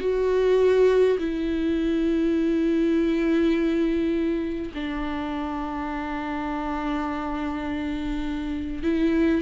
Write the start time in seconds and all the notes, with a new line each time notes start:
0.00 F#4
1.18 E4
4.74 D4
8.83 E4